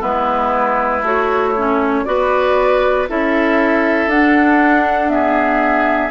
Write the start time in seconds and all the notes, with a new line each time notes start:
0.00 G#3 B3 E4 B4
1.02 A3 F#4 C#5
1.56 C#4
2.05 B3 F#4 B4 D5
3.08 C#4 E4 A4 E5
4.07 D4 F#5
5.09 B3 G#4 E5